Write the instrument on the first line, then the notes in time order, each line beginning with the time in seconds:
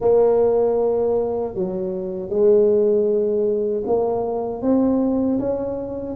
tuba
0.00 A#3
1.54 F#3
2.29 G#3
3.86 A#3
4.62 C4
5.39 C#4